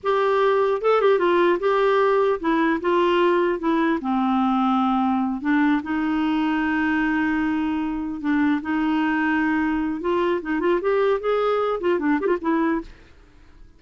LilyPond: \new Staff \with { instrumentName = "clarinet" } { \time 4/4 \tempo 4 = 150 g'2 a'8 g'8 f'4 | g'2 e'4 f'4~ | f'4 e'4 c'2~ | c'4. d'4 dis'4.~ |
dis'1~ | dis'8 d'4 dis'2~ dis'8~ | dis'4 f'4 dis'8 f'8 g'4 | gis'4. f'8 d'8 g'16 f'16 e'4 | }